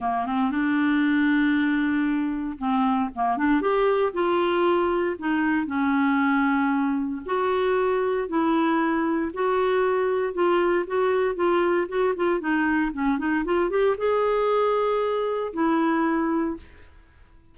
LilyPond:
\new Staff \with { instrumentName = "clarinet" } { \time 4/4 \tempo 4 = 116 ais8 c'8 d'2.~ | d'4 c'4 ais8 d'8 g'4 | f'2 dis'4 cis'4~ | cis'2 fis'2 |
e'2 fis'2 | f'4 fis'4 f'4 fis'8 f'8 | dis'4 cis'8 dis'8 f'8 g'8 gis'4~ | gis'2 e'2 | }